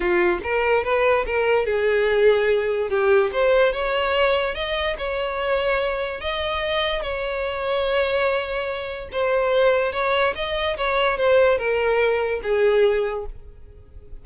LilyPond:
\new Staff \with { instrumentName = "violin" } { \time 4/4 \tempo 4 = 145 f'4 ais'4 b'4 ais'4 | gis'2. g'4 | c''4 cis''2 dis''4 | cis''2. dis''4~ |
dis''4 cis''2.~ | cis''2 c''2 | cis''4 dis''4 cis''4 c''4 | ais'2 gis'2 | }